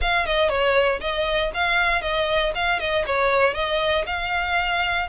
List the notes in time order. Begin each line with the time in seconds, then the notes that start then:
0.01 F5
0.25 D#5
0.49 C#5
1.00 D#5
1.53 F5
2.01 D#5
2.54 F5
2.79 D#5
3.06 C#5
3.53 D#5
4.06 F5